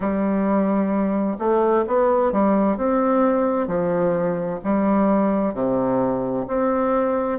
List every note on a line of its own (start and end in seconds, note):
0.00 1.37 G3
1.38 1.85 A3
1.87 2.32 B3
2.32 2.77 G3
2.77 3.67 C4
3.67 4.59 F3
4.64 5.53 G3
5.53 6.46 C3
6.47 7.39 C4